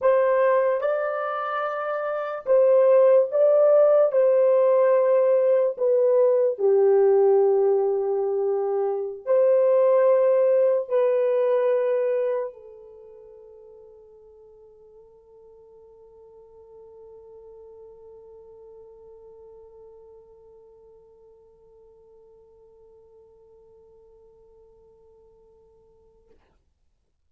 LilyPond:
\new Staff \with { instrumentName = "horn" } { \time 4/4 \tempo 4 = 73 c''4 d''2 c''4 | d''4 c''2 b'4 | g'2.~ g'16 c''8.~ | c''4~ c''16 b'2 a'8.~ |
a'1~ | a'1~ | a'1~ | a'1 | }